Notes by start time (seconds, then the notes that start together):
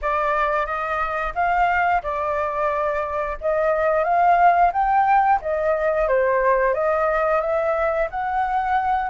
0.01 D5
0.66 D#5
1.34 F5
2.02 D5
3.40 D#5
4.04 F5
4.72 G5
5.41 D#5
6.08 C5
6.74 D#5
7.40 E5
8.10 F#5